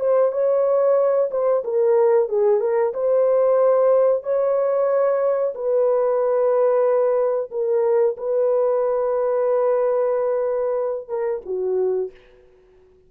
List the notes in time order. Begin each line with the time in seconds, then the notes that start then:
0.00 C5
0.32 C#5
1.31 C5
1.64 A#4
2.29 G#4
2.60 A#4
2.93 C5
4.23 C#5
5.55 B4
7.51 A#4
8.17 B4
11.09 A#4
11.46 F#4